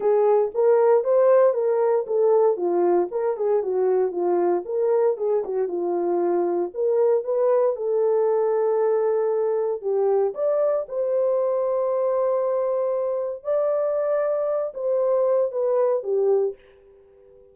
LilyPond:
\new Staff \with { instrumentName = "horn" } { \time 4/4 \tempo 4 = 116 gis'4 ais'4 c''4 ais'4 | a'4 f'4 ais'8 gis'8 fis'4 | f'4 ais'4 gis'8 fis'8 f'4~ | f'4 ais'4 b'4 a'4~ |
a'2. g'4 | d''4 c''2.~ | c''2 d''2~ | d''8 c''4. b'4 g'4 | }